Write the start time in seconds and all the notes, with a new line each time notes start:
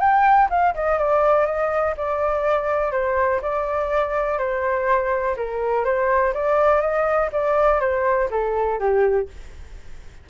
0.00 G5
0.50 F5
0.75 D#5
0.98 D5
1.46 D#5
1.97 D5
2.92 C5
3.42 D5
4.38 C5
5.37 A#4
5.85 C5
6.34 D5
6.81 D#5
7.33 D5
7.80 C5
8.31 A4
8.80 G4